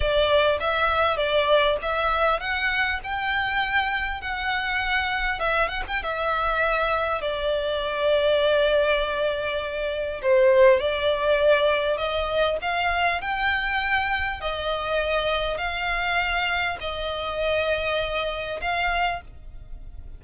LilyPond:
\new Staff \with { instrumentName = "violin" } { \time 4/4 \tempo 4 = 100 d''4 e''4 d''4 e''4 | fis''4 g''2 fis''4~ | fis''4 e''8 fis''16 g''16 e''2 | d''1~ |
d''4 c''4 d''2 | dis''4 f''4 g''2 | dis''2 f''2 | dis''2. f''4 | }